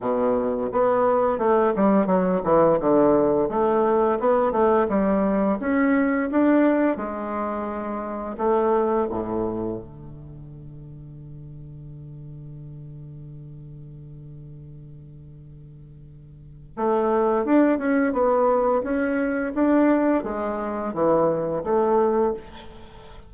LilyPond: \new Staff \with { instrumentName = "bassoon" } { \time 4/4 \tempo 4 = 86 b,4 b4 a8 g8 fis8 e8 | d4 a4 b8 a8 g4 | cis'4 d'4 gis2 | a4 a,4 d2~ |
d1~ | d1 | a4 d'8 cis'8 b4 cis'4 | d'4 gis4 e4 a4 | }